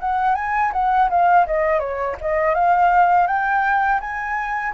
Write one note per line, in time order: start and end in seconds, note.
0.00 0.35 F#5
0.35 0.72 G#5
0.73 1.09 F#5
1.10 1.46 F5
1.47 1.80 D#5
1.80 2.16 C#5
2.21 2.55 D#5
2.55 3.27 F5
3.27 4.00 G5
4.00 4.74 G#5